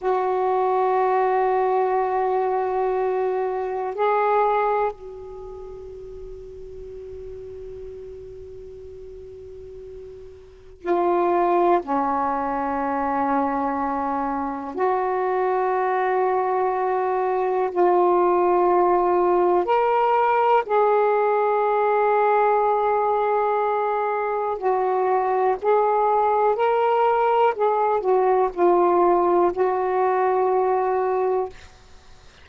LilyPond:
\new Staff \with { instrumentName = "saxophone" } { \time 4/4 \tempo 4 = 61 fis'1 | gis'4 fis'2.~ | fis'2. f'4 | cis'2. fis'4~ |
fis'2 f'2 | ais'4 gis'2.~ | gis'4 fis'4 gis'4 ais'4 | gis'8 fis'8 f'4 fis'2 | }